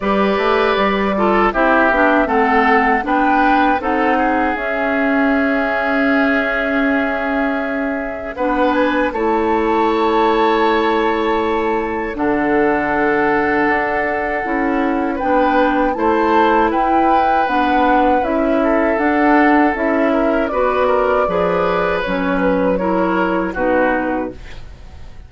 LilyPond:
<<
  \new Staff \with { instrumentName = "flute" } { \time 4/4 \tempo 4 = 79 d''2 e''4 fis''4 | g''4 fis''4 e''2~ | e''2. fis''8 gis''8 | a''1 |
fis''1 | g''4 a''4 g''4 fis''4 | e''4 fis''4 e''4 d''4~ | d''4 cis''8 b'8 cis''4 b'4 | }
  \new Staff \with { instrumentName = "oboe" } { \time 4/4 b'4. a'8 g'4 a'4 | b'4 a'8 gis'2~ gis'8~ | gis'2. b'4 | cis''1 |
a'1 | b'4 c''4 b'2~ | b'8 a'2 ais'8 b'8 ais'8 | b'2 ais'4 fis'4 | }
  \new Staff \with { instrumentName = "clarinet" } { \time 4/4 g'4. f'8 e'8 d'8 c'4 | d'4 dis'4 cis'2~ | cis'2. d'4 | e'1 |
d'2. e'4 | d'4 e'2 d'4 | e'4 d'4 e'4 fis'4 | gis'4 cis'4 e'4 dis'4 | }
  \new Staff \with { instrumentName = "bassoon" } { \time 4/4 g8 a8 g4 c'8 b8 a4 | b4 c'4 cis'2~ | cis'2. b4 | a1 |
d2 d'4 cis'4 | b4 a4 e'4 b4 | cis'4 d'4 cis'4 b4 | f4 fis2 b,4 | }
>>